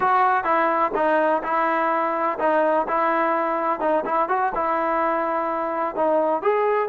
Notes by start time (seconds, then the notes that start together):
0.00 F#4
0.44 E4
0.95 D#4
1.43 E4
2.39 D#4
2.88 E4
3.80 D#4
4.05 E4
4.28 F#4
4.55 E4
5.95 D#4
6.42 G#4